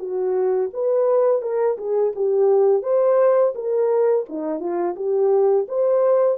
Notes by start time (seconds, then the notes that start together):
0.00 F#4
0.74 B4
1.42 A#4
1.78 G#4
2.16 G4
2.83 C5
3.56 A#4
4.30 D#4
4.60 F4
4.96 G4
5.69 C5